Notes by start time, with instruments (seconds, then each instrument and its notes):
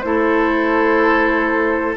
0.00 bassoon A3, clarinet E4, oboe A4, flute C5